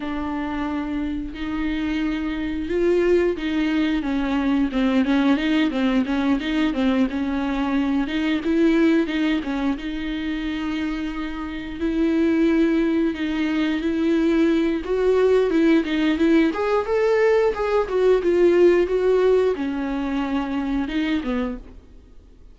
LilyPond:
\new Staff \with { instrumentName = "viola" } { \time 4/4 \tempo 4 = 89 d'2 dis'2 | f'4 dis'4 cis'4 c'8 cis'8 | dis'8 c'8 cis'8 dis'8 c'8 cis'4. | dis'8 e'4 dis'8 cis'8 dis'4.~ |
dis'4. e'2 dis'8~ | dis'8 e'4. fis'4 e'8 dis'8 | e'8 gis'8 a'4 gis'8 fis'8 f'4 | fis'4 cis'2 dis'8 b8 | }